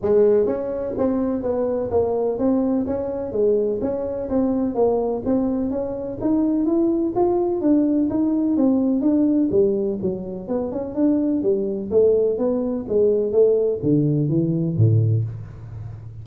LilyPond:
\new Staff \with { instrumentName = "tuba" } { \time 4/4 \tempo 4 = 126 gis4 cis'4 c'4 b4 | ais4 c'4 cis'4 gis4 | cis'4 c'4 ais4 c'4 | cis'4 dis'4 e'4 f'4 |
d'4 dis'4 c'4 d'4 | g4 fis4 b8 cis'8 d'4 | g4 a4 b4 gis4 | a4 d4 e4 a,4 | }